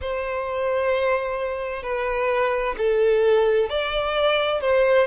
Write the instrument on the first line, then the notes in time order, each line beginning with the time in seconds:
violin
0.01 C5
1.83 B4
2.77 A4
3.69 D5
4.61 C5